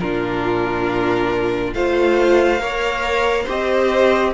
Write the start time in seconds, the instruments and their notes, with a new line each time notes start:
0.00 cello A#2, viola D4, violin F4 A#4
1.74 cello A3, viola F4, violin C5 F5
2.59 cello A#3, viola A#4, violin C#5
3.44 cello C4, viola G4, violin C5
3.50 violin D#5